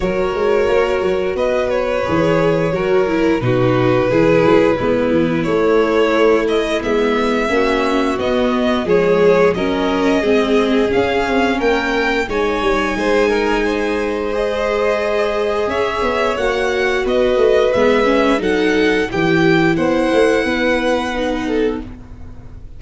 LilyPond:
<<
  \new Staff \with { instrumentName = "violin" } { \time 4/4 \tempo 4 = 88 cis''2 dis''8 cis''4.~ | cis''4 b'2. | cis''4. dis''8 e''2 | dis''4 cis''4 dis''2 |
f''4 g''4 gis''2~ | gis''4 dis''2 e''4 | fis''4 dis''4 e''4 fis''4 | g''4 fis''2. | }
  \new Staff \with { instrumentName = "violin" } { \time 4/4 ais'2 b'2 | ais'4 fis'4 gis'4 e'4~ | e'2. fis'4~ | fis'4 gis'4 ais'4 gis'4~ |
gis'4 ais'4 cis''4 c''8 ais'8 | c''2. cis''4~ | cis''4 b'2 a'4 | g'4 c''4 b'4. a'8 | }
  \new Staff \with { instrumentName = "viola" } { \time 4/4 fis'2. gis'4 | fis'8 e'8 dis'4 e'4 b4 | a2 b4 cis'4 | b4 gis4 cis'4 c'4 |
cis'2 dis'2~ | dis'4 gis'2. | fis'2 b8 cis'8 dis'4 | e'2. dis'4 | }
  \new Staff \with { instrumentName = "tuba" } { \time 4/4 fis8 gis8 ais8 fis8 b4 e4 | fis4 b,4 e8 fis8 gis8 e8 | a2 gis4 ais4 | b4 f4 fis4 gis4 |
cis'8 c'8 ais4 gis8 g8 gis4~ | gis2. cis'8 b8 | ais4 b8 a8 gis4 fis4 | e4 b8 a8 b2 | }
>>